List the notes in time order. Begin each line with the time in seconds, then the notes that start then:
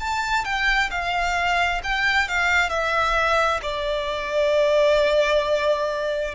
0.00 A5
0.45 G5
0.90 F5
1.83 G5
2.28 F5
2.69 E5
3.62 D5